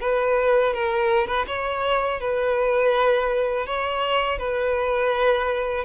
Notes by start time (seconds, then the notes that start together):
0.00 B4
0.73 A#4
1.27 B4
1.47 C#5
2.20 B4
3.66 C#5
4.38 B4